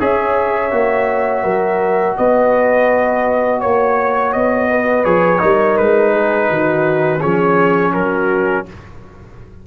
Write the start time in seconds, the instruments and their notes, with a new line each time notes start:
0.00 tuba C#4, trombone G#4, horn C#5, trumpet E5
0.71 tuba A#3, trombone F#4
1.44 tuba F#3, horn A#4
2.18 tuba B3, horn B4, trumpet D#5
3.61 tuba A#3, horn C#5, trumpet C#5
4.33 tuba B3, trumpet D#5
4.70 horn B4
5.05 tuba F3, trombone G#4, trumpet C#5
5.39 tuba G3, trombone D#4, horn A#4
5.78 tuba G#3, trumpet B4
6.12 horn G#4
6.50 tuba D#3, horn F#4
7.21 tuba F3, trombone C#4, horn G#4, trumpet C#5
7.93 tuba F#3, horn F#4, trumpet A#4